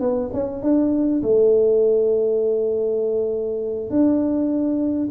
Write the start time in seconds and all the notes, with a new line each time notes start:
0.00 B3
0.33 C#4
0.62 D4
1.22 A3
3.90 D4